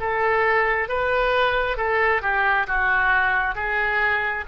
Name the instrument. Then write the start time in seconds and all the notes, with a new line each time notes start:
oboe
0.00 A4
0.89 B4
1.77 A4
2.22 G4
2.67 F#4
3.55 G#4